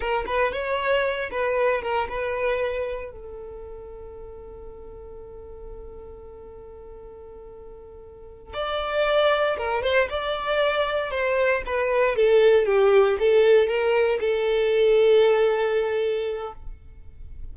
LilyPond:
\new Staff \with { instrumentName = "violin" } { \time 4/4 \tempo 4 = 116 ais'8 b'8 cis''4. b'4 ais'8 | b'2 a'2~ | a'1~ | a'1~ |
a'8 d''2 ais'8 c''8 d''8~ | d''4. c''4 b'4 a'8~ | a'8 g'4 a'4 ais'4 a'8~ | a'1 | }